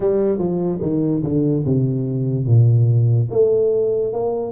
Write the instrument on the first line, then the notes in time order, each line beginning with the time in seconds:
tuba
0.00 G3
0.38 F3
0.81 D#3
1.23 D3
1.65 C3
2.46 A#2
3.30 A3
4.12 A#3